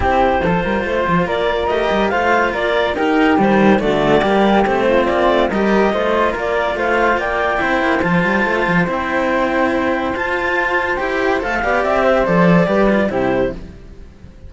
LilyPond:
<<
  \new Staff \with { instrumentName = "clarinet" } { \time 4/4 \tempo 4 = 142 c''2. d''4 | dis''4 f''4 d''4 ais'4 | c''4 d''2 c''4 | d''4 dis''2 d''4 |
f''4 g''2 a''4~ | a''4 g''2. | a''2 g''4 f''4 | e''4 d''2 c''4 | }
  \new Staff \with { instrumentName = "flute" } { \time 4/4 g'4 a'8 ais'8 c''4 ais'4~ | ais'4 c''4 ais'4 g'4~ | g'4 fis'4 g'4. f'8~ | f'4 ais'4 c''4 ais'4 |
c''4 d''4 c''2~ | c''1~ | c''2.~ c''8 d''8~ | d''8 c''4. b'4 g'4 | }
  \new Staff \with { instrumentName = "cello" } { \time 4/4 e'4 f'2. | g'4 f'2 dis'4 | g4 a4 ais4 c'4~ | c'4 g'4 f'2~ |
f'2 e'4 f'4~ | f'4 e'2. | f'2 g'4 a'8 g'8~ | g'4 a'4 g'8 f'8 e'4 | }
  \new Staff \with { instrumentName = "cello" } { \time 4/4 c'4 f8 g8 a8 f8 ais4 | a8 g8 a4 ais4 dis'4 | dis4 d4 g4 a4 | ais8 a8 g4 a4 ais4 |
a4 ais4 c'8 ais8 f8 g8 | a8 f8 c'2. | f'2 e'4 a8 b8 | c'4 f4 g4 c4 | }
>>